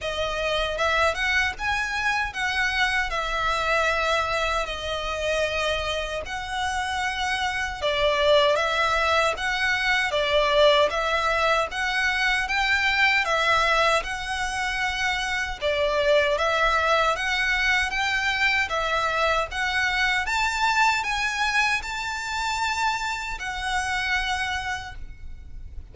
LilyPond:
\new Staff \with { instrumentName = "violin" } { \time 4/4 \tempo 4 = 77 dis''4 e''8 fis''8 gis''4 fis''4 | e''2 dis''2 | fis''2 d''4 e''4 | fis''4 d''4 e''4 fis''4 |
g''4 e''4 fis''2 | d''4 e''4 fis''4 g''4 | e''4 fis''4 a''4 gis''4 | a''2 fis''2 | }